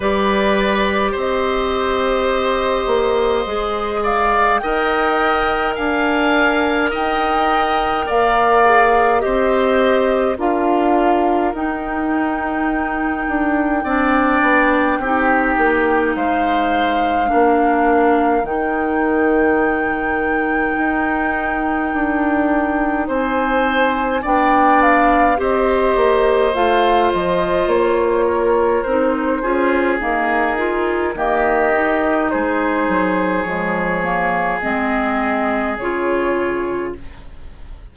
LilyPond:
<<
  \new Staff \with { instrumentName = "flute" } { \time 4/4 \tempo 4 = 52 d''4 dis''2~ dis''8 f''8 | g''4 gis''4 g''4 f''4 | dis''4 f''4 g''2~ | g''2 f''2 |
g''1 | gis''4 g''8 f''8 dis''4 f''8 dis''8 | cis''4 c''4 ais'4 dis''4 | c''4 cis''4 dis''4 cis''4 | }
  \new Staff \with { instrumentName = "oboe" } { \time 4/4 b'4 c''2~ c''8 d''8 | dis''4 f''4 dis''4 d''4 | c''4 ais'2. | d''4 g'4 c''4 ais'4~ |
ais'1 | c''4 d''4 c''2~ | c''8 ais'4 gis'4. g'4 | gis'1 | }
  \new Staff \with { instrumentName = "clarinet" } { \time 4/4 g'2. gis'4 | ais'2.~ ais'8 gis'8 | g'4 f'4 dis'2 | d'4 dis'2 d'4 |
dis'1~ | dis'4 d'4 g'4 f'4~ | f'4 dis'8 f'8 ais8 f'8 ais8 dis'8~ | dis'4 gis8 ais8 c'4 f'4 | }
  \new Staff \with { instrumentName = "bassoon" } { \time 4/4 g4 c'4. ais8 gis4 | dis'4 d'4 dis'4 ais4 | c'4 d'4 dis'4. d'8 | c'8 b8 c'8 ais8 gis4 ais4 |
dis2 dis'4 d'4 | c'4 b4 c'8 ais8 a8 f8 | ais4 c'8 cis'8 dis'4 dis4 | gis8 fis8 f4 gis4 cis4 | }
>>